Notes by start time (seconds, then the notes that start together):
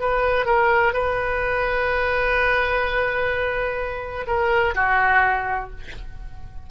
0.00 B4
0.46 A#4
0.94 B4
4.28 A#4
4.75 F#4